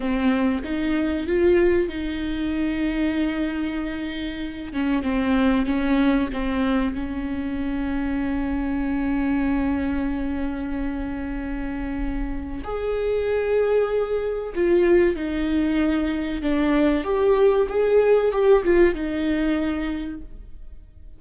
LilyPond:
\new Staff \with { instrumentName = "viola" } { \time 4/4 \tempo 4 = 95 c'4 dis'4 f'4 dis'4~ | dis'2.~ dis'8 cis'8 | c'4 cis'4 c'4 cis'4~ | cis'1~ |
cis'1 | gis'2. f'4 | dis'2 d'4 g'4 | gis'4 g'8 f'8 dis'2 | }